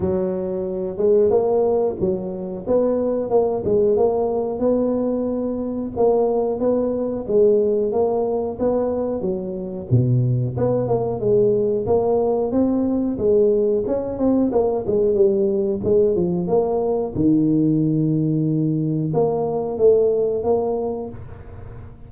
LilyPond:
\new Staff \with { instrumentName = "tuba" } { \time 4/4 \tempo 4 = 91 fis4. gis8 ais4 fis4 | b4 ais8 gis8 ais4 b4~ | b4 ais4 b4 gis4 | ais4 b4 fis4 b,4 |
b8 ais8 gis4 ais4 c'4 | gis4 cis'8 c'8 ais8 gis8 g4 | gis8 f8 ais4 dis2~ | dis4 ais4 a4 ais4 | }